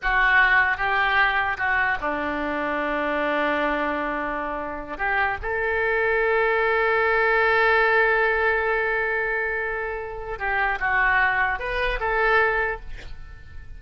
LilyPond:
\new Staff \with { instrumentName = "oboe" } { \time 4/4 \tempo 4 = 150 fis'2 g'2 | fis'4 d'2.~ | d'1~ | d'8 g'4 a'2~ a'8~ |
a'1~ | a'1~ | a'2 g'4 fis'4~ | fis'4 b'4 a'2 | }